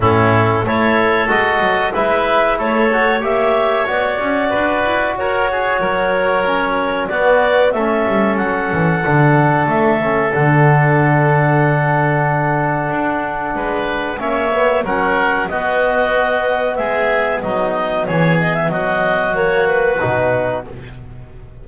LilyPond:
<<
  \new Staff \with { instrumentName = "clarinet" } { \time 4/4 \tempo 4 = 93 a'4 cis''4 dis''4 e''4 | cis''4 e''4 d''2 | cis''2. d''4 | e''4 fis''2 e''4 |
fis''1~ | fis''2 e''4 fis''4 | dis''2 e''4 dis''4 | cis''8 dis''16 e''16 dis''4 cis''8 b'4. | }
  \new Staff \with { instrumentName = "oboe" } { \time 4/4 e'4 a'2 b'4 | a'4 cis''2 b'4 | ais'8 gis'8 ais'2 fis'4 | a'1~ |
a'1~ | a'4 b'4 cis''4 ais'4 | fis'2 gis'4 dis'4 | gis'4 fis'2. | }
  \new Staff \with { instrumentName = "trombone" } { \time 4/4 cis'4 e'4 fis'4 e'4~ | e'8 fis'8 g'4 fis'2~ | fis'2 cis'4 b4 | cis'2 d'4. cis'8 |
d'1~ | d'2 cis'8 b8 cis'4 | b1~ | b2 ais4 dis'4 | }
  \new Staff \with { instrumentName = "double bass" } { \time 4/4 a,4 a4 gis8 fis8 gis4 | a4 ais4 b8 cis'8 d'8 e'8 | fis'4 fis2 b4 | a8 g8 fis8 e8 d4 a4 |
d1 | d'4 gis4 ais4 fis4 | b2 gis4 fis4 | e4 fis2 b,4 | }
>>